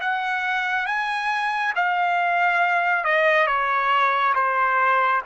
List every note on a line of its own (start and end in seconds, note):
0.00 0.86 F#5
0.86 1.73 G#5
1.75 3.04 F5
3.04 3.47 D#5
3.47 4.34 C#5
4.35 5.22 C5